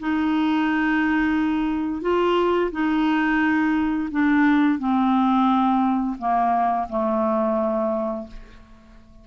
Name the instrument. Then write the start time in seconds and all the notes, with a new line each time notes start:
clarinet
0.00 D#4
2.02 F4
2.72 D#4
4.12 D4
4.79 C4
6.19 A#3
6.89 A3